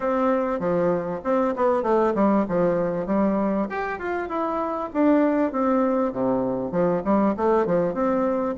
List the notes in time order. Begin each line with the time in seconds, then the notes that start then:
0.00 C4
0.59 F3
1.24 C4
1.56 B3
1.83 A3
2.15 G3
2.48 F3
3.06 G3
3.69 G4
3.98 F4
4.29 E4
4.93 D4
5.52 C4
6.12 C3
6.71 F3
7.04 G3
7.36 A3
7.66 F3
7.93 C4